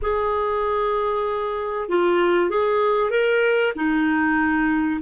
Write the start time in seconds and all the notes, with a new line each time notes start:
0.01 G#4
1.88 F4
2.50 G#4
3.10 A#4
3.75 D#4